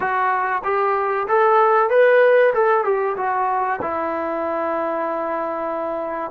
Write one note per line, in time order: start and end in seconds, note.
0.00 0.62 F#4
0.64 1.27 G4
1.27 1.89 A4
1.89 2.53 B4
2.54 2.84 A4
2.84 3.16 G4
3.16 3.80 F#4
3.81 6.31 E4